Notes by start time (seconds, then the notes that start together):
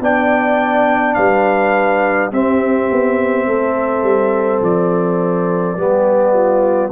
0.00 B3 D4 D5 G5
1.14 G3 B4 F5
2.32 C4 G4 E5
2.91 B3
3.46 A3 A4
4.02 G3
4.62 F3 D5
5.76 G3 B3 G4
6.32 F4